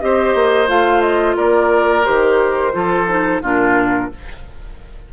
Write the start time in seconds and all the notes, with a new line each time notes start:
0.00 C4 G4 C5 D#5
0.34 A#3
0.67 A3 F4 F5
1.01 D#5
1.36 A#3 A#4 D5
2.04 D#3 G4 C5
2.72 F3 F4 A4
3.07 D#4
3.42 A#2 D4 F4 A#4